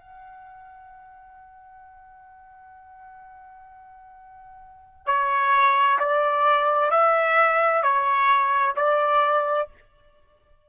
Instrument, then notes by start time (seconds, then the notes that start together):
trumpet
0.00 F#5
5.06 C#5
5.99 D5
6.91 E5
7.83 C#5
8.76 D5